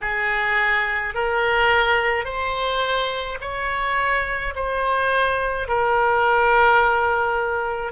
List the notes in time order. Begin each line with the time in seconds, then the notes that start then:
0.01 G#4
1.14 A#4
2.24 C5
3.41 C#5
4.55 C5
5.68 A#4